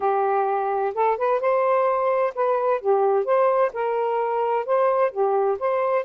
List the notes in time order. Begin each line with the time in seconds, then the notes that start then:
0.00 G4
0.94 A4
1.17 B4
1.40 C5
2.34 B4
2.80 G4
3.25 C5
3.73 A#4
4.65 C5
5.11 G4
5.59 C5